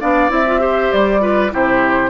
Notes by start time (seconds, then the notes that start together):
0.00 B3 D4 D5 F5
0.29 C4 E4 E5
0.47 F4
0.59 G4 C5
0.92 G3 D5
1.20 F4 B4
1.51 C3 E4 G4 C5